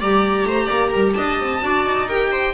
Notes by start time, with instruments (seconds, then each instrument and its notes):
0.00 double bass G3, clarinet G4, viola D5, violin A#5
0.45 double bass A3, viola C5
0.66 double bass A#3, viola D5
0.91 double bass G3, viola A#4
1.15 double bass D4, viola D#5, violin A5
1.40 double bass C4
1.61 double bass D4, clarinet F#4, viola D5
1.85 double bass D#4
2.09 clarinet G4, viola A#4, violin G5
2.32 viola C5